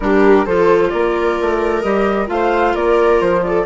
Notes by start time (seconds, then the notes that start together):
0.00 G3 D4 G4 A#4
0.45 F3 F4 A4 C5
0.89 A#3 A#4 D5
1.41 A3
1.81 G3 G4 D#5
2.26 A3 F4 C5 F5
2.74 A#3 A#4 D5
3.20 F3 C5
3.43 A4 D5